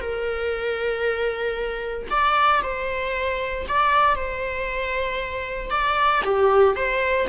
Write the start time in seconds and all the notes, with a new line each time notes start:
0.00 A#4
2.10 D5
2.62 C5
3.68 D5
4.15 C5
5.70 D5
6.24 G4
6.75 C5